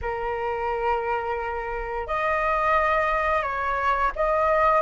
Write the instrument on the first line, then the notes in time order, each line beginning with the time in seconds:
flute
0.01 A#4
2.07 D#5
3.42 C#5
4.15 D#5